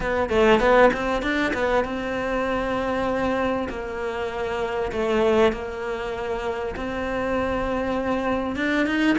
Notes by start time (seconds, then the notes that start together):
0.00 B3
0.29 A3
0.60 B3
0.93 C4
1.22 D4
1.53 B3
1.84 C4
3.69 A#3
4.91 A3
5.52 A#3
6.75 C4
8.56 D4
8.86 D#4